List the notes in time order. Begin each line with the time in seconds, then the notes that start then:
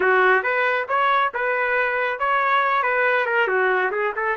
0.00 F#4
0.43 B4
0.88 C#5
1.34 B4
2.19 C#5
2.82 B4
3.26 A#4
3.47 F#4
3.91 G#4
4.16 A4